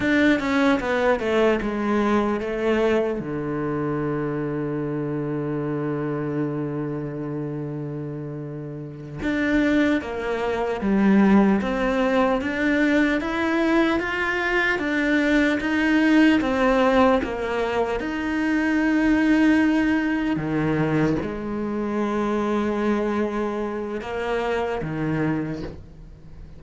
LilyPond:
\new Staff \with { instrumentName = "cello" } { \time 4/4 \tempo 4 = 75 d'8 cis'8 b8 a8 gis4 a4 | d1~ | d2.~ d8 d'8~ | d'8 ais4 g4 c'4 d'8~ |
d'8 e'4 f'4 d'4 dis'8~ | dis'8 c'4 ais4 dis'4.~ | dis'4. dis4 gis4.~ | gis2 ais4 dis4 | }